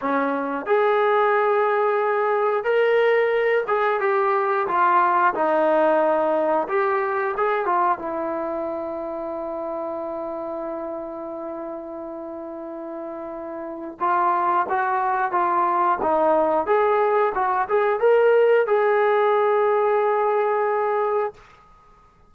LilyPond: \new Staff \with { instrumentName = "trombone" } { \time 4/4 \tempo 4 = 90 cis'4 gis'2. | ais'4. gis'8 g'4 f'4 | dis'2 g'4 gis'8 f'8 | e'1~ |
e'1~ | e'4 f'4 fis'4 f'4 | dis'4 gis'4 fis'8 gis'8 ais'4 | gis'1 | }